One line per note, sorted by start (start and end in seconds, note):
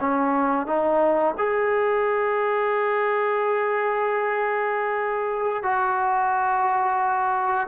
0.00 0.67 C#4
0.67 1.35 D#4
1.38 5.63 G#4
5.63 7.68 F#4